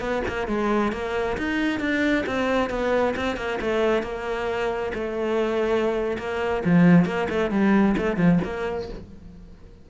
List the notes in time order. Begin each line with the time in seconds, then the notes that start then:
0.00 B3
0.27 A#3
0.47 G#3
0.92 A#3
1.37 D#4
1.80 D4
2.26 C4
2.70 B3
3.16 C4
3.37 A#3
3.61 A3
4.03 A#3
4.94 A3
6.18 A#3
6.65 F3
7.05 A#3
7.29 A3
7.50 G3
7.97 A3
8.17 F3
8.44 A#3